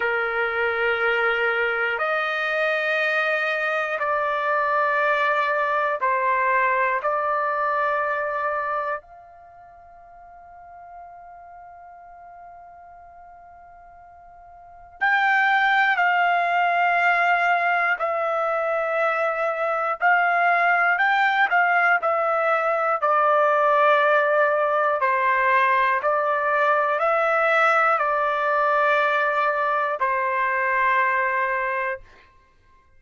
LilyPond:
\new Staff \with { instrumentName = "trumpet" } { \time 4/4 \tempo 4 = 60 ais'2 dis''2 | d''2 c''4 d''4~ | d''4 f''2.~ | f''2. g''4 |
f''2 e''2 | f''4 g''8 f''8 e''4 d''4~ | d''4 c''4 d''4 e''4 | d''2 c''2 | }